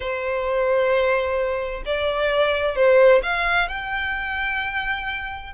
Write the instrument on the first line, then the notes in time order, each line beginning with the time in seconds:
violin
0.00 C5
1.85 D5
2.75 C5
3.22 F5
3.68 G5